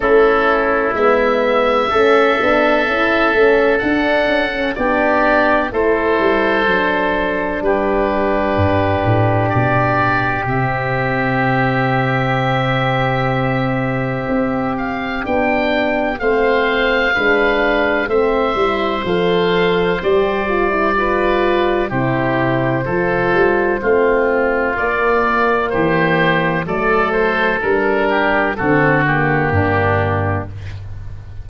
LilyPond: <<
  \new Staff \with { instrumentName = "oboe" } { \time 4/4 \tempo 4 = 63 a'4 e''2. | fis''4 d''4 c''2 | b'2 d''4 e''4~ | e''2.~ e''8 f''8 |
g''4 f''2 e''4 | f''4 d''2 c''4~ | c''2 d''4 c''4 | d''8 c''8 ais'4 a'8 g'4. | }
  \new Staff \with { instrumentName = "oboe" } { \time 4/4 e'2 a'2~ | a'4 g'4 a'2 | g'1~ | g'1~ |
g'4 c''4 b'4 c''4~ | c''2 b'4 g'4 | a'4 f'2 g'4 | a'4. g'8 fis'4 d'4 | }
  \new Staff \with { instrumentName = "horn" } { \time 4/4 cis'4 b4 cis'8 d'8 e'8 cis'8 | d'8. cis'16 d'4 e'4 d'4~ | d'2. c'4~ | c'1 |
d'4 c'4 d'4 c'8 e'8 | a'4 g'8 f'16 e'16 f'4 e'4 | f'4 c'4 ais2 | a4 d'4 c'8 ais4. | }
  \new Staff \with { instrumentName = "tuba" } { \time 4/4 a4 gis4 a8 b8 cis'8 a8 | d'8 cis'8 b4 a8 g8 fis4 | g4 g,8 a,8 b,4 c4~ | c2. c'4 |
b4 a4 gis4 a8 g8 | f4 g2 c4 | f8 g8 a4 ais4 e4 | fis4 g4 d4 g,4 | }
>>